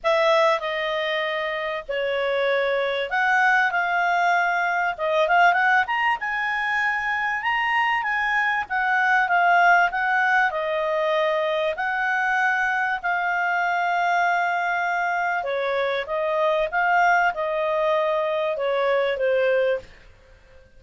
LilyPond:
\new Staff \with { instrumentName = "clarinet" } { \time 4/4 \tempo 4 = 97 e''4 dis''2 cis''4~ | cis''4 fis''4 f''2 | dis''8 f''8 fis''8 ais''8 gis''2 | ais''4 gis''4 fis''4 f''4 |
fis''4 dis''2 fis''4~ | fis''4 f''2.~ | f''4 cis''4 dis''4 f''4 | dis''2 cis''4 c''4 | }